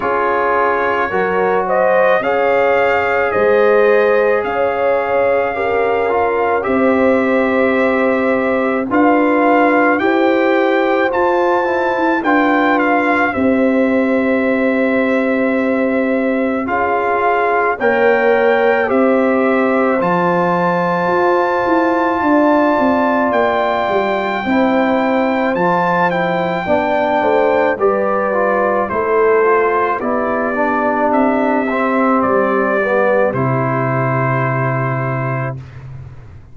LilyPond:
<<
  \new Staff \with { instrumentName = "trumpet" } { \time 4/4 \tempo 4 = 54 cis''4. dis''8 f''4 dis''4 | f''2 e''2 | f''4 g''4 a''4 g''8 f''8 | e''2. f''4 |
g''4 e''4 a''2~ | a''4 g''2 a''8 g''8~ | g''4 d''4 c''4 d''4 | e''4 d''4 c''2 | }
  \new Staff \with { instrumentName = "horn" } { \time 4/4 gis'4 ais'8 c''8 cis''4 c''4 | cis''4 ais'4 c''2 | b'4 c''2 b'4 | c''2. gis'4 |
cis''4 c''2. | d''2 c''2 | d''8 c''8 b'4 a'4 g'4~ | g'1 | }
  \new Staff \with { instrumentName = "trombone" } { \time 4/4 f'4 fis'4 gis'2~ | gis'4 g'8 f'8 g'2 | f'4 g'4 f'8 e'8 f'4 | g'2. f'4 |
ais'4 g'4 f'2~ | f'2 e'4 f'8 e'8 | d'4 g'8 f'8 e'8 f'8 e'8 d'8~ | d'8 c'4 b8 e'2 | }
  \new Staff \with { instrumentName = "tuba" } { \time 4/4 cis'4 fis4 cis'4 gis4 | cis'2 c'2 | d'4 e'4 f'8. e'16 d'4 | c'2. cis'4 |
ais4 c'4 f4 f'8 e'8 | d'8 c'8 ais8 g8 c'4 f4 | b8 a8 g4 a4 b4 | c'4 g4 c2 | }
>>